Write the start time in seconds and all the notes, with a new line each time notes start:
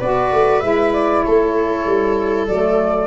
0.00 B3 F#4 B4 D5
0.33 A3
0.61 G#3 E4 E5
0.93 D5
1.24 A3 A4 C#5
1.86 G3
2.48 F#3 A3 D5